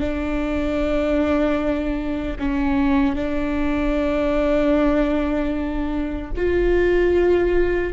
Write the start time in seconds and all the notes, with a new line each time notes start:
0.00 D4
2.39 C#4
3.15 D4
6.36 F4